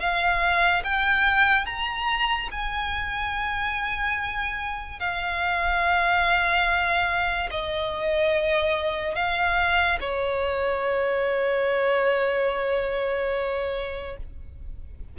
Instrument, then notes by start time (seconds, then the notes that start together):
violin
0.00 F5
0.84 G5
1.66 A#5
2.52 G#5
5.00 F5
7.51 D#5
9.16 F5
10.01 C#5